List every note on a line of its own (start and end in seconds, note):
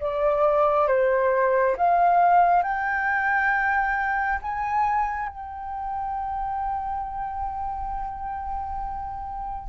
0.00 0.87 D5
0.87 1.76 C5
1.76 2.63 F5
2.63 4.39 G5
4.42 5.28 G#5
5.28 9.69 G5